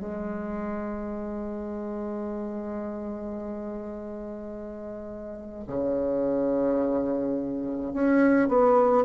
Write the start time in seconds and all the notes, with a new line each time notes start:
0.00 G#3
5.68 C#3
7.94 C#4
8.49 B3